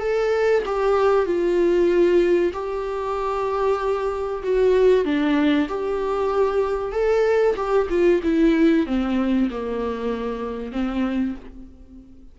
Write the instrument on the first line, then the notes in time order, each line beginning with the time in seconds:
viola
0.00 A4
0.66 G4
1.26 F4
2.53 G4
4.44 F#4
5.05 D4
5.69 G4
6.92 A4
7.56 G4
7.90 F4
8.23 E4
8.87 C4
9.51 A#3
10.72 C4